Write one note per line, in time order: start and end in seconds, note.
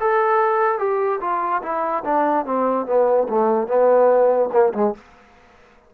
0.00 0.78 A4
0.78 1.19 G4
1.20 1.61 F4
1.62 2.03 E4
2.04 2.45 D4
2.45 2.86 C4
2.86 3.27 B3
3.29 3.67 A3
3.67 4.49 B3
4.52 4.73 A#3
4.73 4.94 G#3